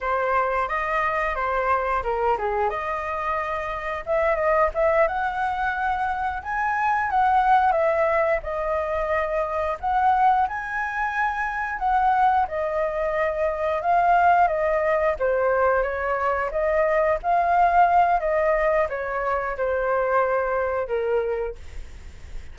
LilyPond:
\new Staff \with { instrumentName = "flute" } { \time 4/4 \tempo 4 = 89 c''4 dis''4 c''4 ais'8 gis'8 | dis''2 e''8 dis''8 e''8 fis''8~ | fis''4. gis''4 fis''4 e''8~ | e''8 dis''2 fis''4 gis''8~ |
gis''4. fis''4 dis''4.~ | dis''8 f''4 dis''4 c''4 cis''8~ | cis''8 dis''4 f''4. dis''4 | cis''4 c''2 ais'4 | }